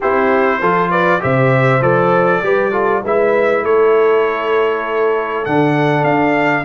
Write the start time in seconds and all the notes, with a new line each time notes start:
0.00 C4 E4 G4 C5
0.60 F3 F4 A4
0.90 B4 D5
1.20 C3 G4 C5 E5
1.81 F3 A4 D5
2.42 G3 G4 B4
2.71 F4 A4
3.04 G#3 E4 B4 E5
3.63 A3 A4 C#5
5.45 D3 D4 F#5
6.03 D4 F5